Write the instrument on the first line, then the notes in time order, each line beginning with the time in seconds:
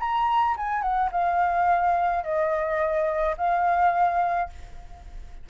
flute
0.00 A#5
0.57 G#5
0.82 F#5
1.12 F5
2.24 D#5
3.37 F5